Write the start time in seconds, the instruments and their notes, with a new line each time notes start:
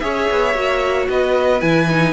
0.00 cello C#4, viola G#4, violin C#5 E5
0.31 cello B3
0.55 cello A#3, viola F#4
1.09 cello B3, violin B4 D#5
1.61 cello E3, viola E4, violin G#5
1.90 viola D#4